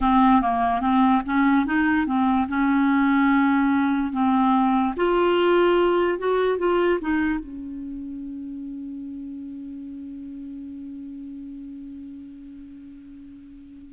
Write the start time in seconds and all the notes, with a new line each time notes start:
0.00 C4
0.41 A#3
0.80 C4
1.25 C#4
1.66 D#4
2.06 C4
2.48 C#4
4.12 C4
4.96 F4
6.18 F#4
6.58 F4
7.01 D#4
7.39 C#4